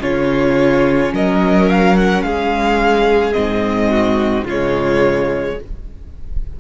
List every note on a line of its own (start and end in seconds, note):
0.00 1.12 C#3
0.00 3.33 C#4
0.00 1.13 F4
0.00 1.14 C#5
1.12 2.23 F#3
1.12 2.25 A#4
1.12 1.70 D#5
1.70 1.97 F5
1.97 2.23 F#5
2.23 3.34 G#3
2.23 3.91 G#4
2.23 3.33 F5
3.33 4.44 G#2
3.33 4.44 C4
3.33 4.44 D#5
3.91 4.45 F#4
4.44 5.55 C#3
4.44 5.60 G#3
4.44 5.56 F4
4.44 5.60 C#5